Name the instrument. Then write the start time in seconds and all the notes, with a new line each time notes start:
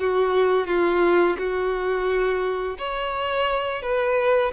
violin
0.00 F#4
0.67 F4
1.39 F#4
2.78 C#5
3.82 B4